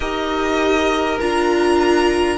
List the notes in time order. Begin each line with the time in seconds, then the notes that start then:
0.00 D#4 G4 A#4 D#5
1.20 D4 F4 A#5